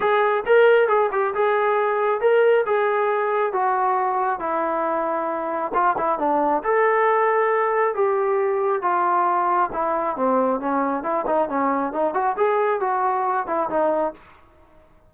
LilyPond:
\new Staff \with { instrumentName = "trombone" } { \time 4/4 \tempo 4 = 136 gis'4 ais'4 gis'8 g'8 gis'4~ | gis'4 ais'4 gis'2 | fis'2 e'2~ | e'4 f'8 e'8 d'4 a'4~ |
a'2 g'2 | f'2 e'4 c'4 | cis'4 e'8 dis'8 cis'4 dis'8 fis'8 | gis'4 fis'4. e'8 dis'4 | }